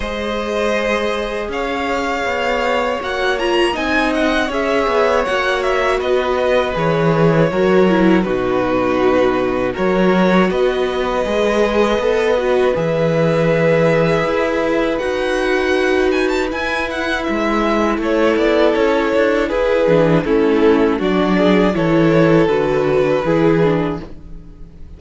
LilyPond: <<
  \new Staff \with { instrumentName = "violin" } { \time 4/4 \tempo 4 = 80 dis''2 f''2 | fis''8 ais''8 gis''8 fis''8 e''4 fis''8 e''8 | dis''4 cis''2 b'4~ | b'4 cis''4 dis''2~ |
dis''4 e''2. | fis''4. gis''16 a''16 gis''8 fis''8 e''4 | cis''8 d''8 cis''4 b'4 a'4 | d''4 cis''4 b'2 | }
  \new Staff \with { instrumentName = "violin" } { \time 4/4 c''2 cis''2~ | cis''4 dis''4 cis''2 | b'2 ais'4 fis'4~ | fis'4 ais'4 b'2~ |
b'1~ | b'1 | a'2 gis'4 e'4 | fis'8 gis'8 a'2 gis'4 | }
  \new Staff \with { instrumentName = "viola" } { \time 4/4 gis'1 | fis'8 f'8 dis'4 gis'4 fis'4~ | fis'4 gis'4 fis'8 e'8 dis'4~ | dis'4 fis'2 gis'4 |
a'8 fis'8 gis'2. | fis'2 e'2~ | e'2~ e'8 d'8 cis'4 | d'4 e'4 fis'4 e'8 d'8 | }
  \new Staff \with { instrumentName = "cello" } { \time 4/4 gis2 cis'4 b4 | ais4 c'4 cis'8 b8 ais4 | b4 e4 fis4 b,4~ | b,4 fis4 b4 gis4 |
b4 e2 e'4 | dis'2 e'4 gis4 | a8 b8 cis'8 d'8 e'8 e8 a4 | fis4 e4 d4 e4 | }
>>